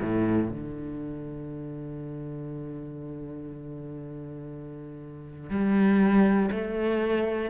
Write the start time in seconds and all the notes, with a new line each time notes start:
0.00 A2
0.50 D3
5.49 G3
6.51 A3